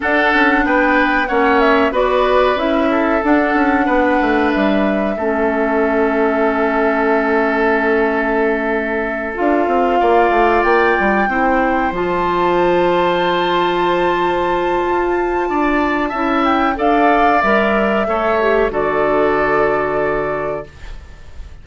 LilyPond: <<
  \new Staff \with { instrumentName = "flute" } { \time 4/4 \tempo 4 = 93 fis''4 g''4 fis''8 e''8 d''4 | e''4 fis''2 e''4~ | e''1~ | e''2~ e''8 f''4.~ |
f''8 g''2 a''4.~ | a''1~ | a''4. g''8 f''4 e''4~ | e''4 d''2. | }
  \new Staff \with { instrumentName = "oboe" } { \time 4/4 a'4 b'4 cis''4 b'4~ | b'8 a'4. b'2 | a'1~ | a'2.~ a'8 d''8~ |
d''4. c''2~ c''8~ | c''1 | d''4 e''4 d''2 | cis''4 a'2. | }
  \new Staff \with { instrumentName = "clarinet" } { \time 4/4 d'2 cis'4 fis'4 | e'4 d'2. | cis'1~ | cis'2~ cis'8 f'4.~ |
f'4. e'4 f'4.~ | f'1~ | f'4 e'4 a'4 ais'4 | a'8 g'8 fis'2. | }
  \new Staff \with { instrumentName = "bassoon" } { \time 4/4 d'8 cis'8 b4 ais4 b4 | cis'4 d'8 cis'8 b8 a8 g4 | a1~ | a2~ a8 d'8 c'8 ais8 |
a8 ais8 g8 c'4 f4.~ | f2. f'4 | d'4 cis'4 d'4 g4 | a4 d2. | }
>>